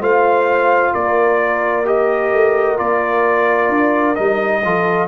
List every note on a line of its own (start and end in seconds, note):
0.00 0.92 A3
0.00 1.85 F4
0.00 0.93 C5
0.00 0.94 F5
0.94 2.33 A#3
0.94 4.63 A#4
0.94 1.86 D5
1.85 2.77 G4
1.85 2.78 D#5
2.33 2.79 A3
2.77 3.69 A#3
2.77 4.15 F4
2.77 4.15 D5
3.69 4.15 D4
4.15 4.64 G3
4.15 4.62 D#4
4.15 5.07 D#5
4.64 5.08 F3
4.64 5.08 F4
4.64 5.08 A4